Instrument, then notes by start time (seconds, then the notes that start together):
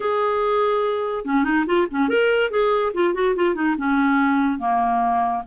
clarinet
0.00 G#4
1.25 C#4
1.44 D#4
1.66 F4
1.91 C#4
2.08 A#4
2.50 G#4
2.94 F4
3.14 F#4
3.35 F4
3.54 D#4
3.77 C#4
4.58 A#3